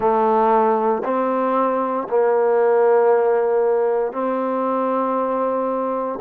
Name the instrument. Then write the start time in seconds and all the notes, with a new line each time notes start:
trombone
0.00 A3
1.03 C4
2.09 A#3
4.12 C4